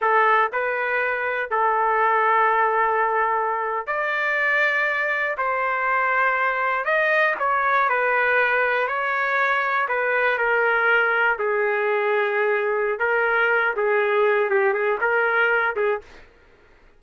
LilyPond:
\new Staff \with { instrumentName = "trumpet" } { \time 4/4 \tempo 4 = 120 a'4 b'2 a'4~ | a'2.~ a'8. d''16~ | d''2~ d''8. c''4~ c''16~ | c''4.~ c''16 dis''4 cis''4 b'16~ |
b'4.~ b'16 cis''2 b'16~ | b'8. ais'2 gis'4~ gis'16~ | gis'2 ais'4. gis'8~ | gis'4 g'8 gis'8 ais'4. gis'8 | }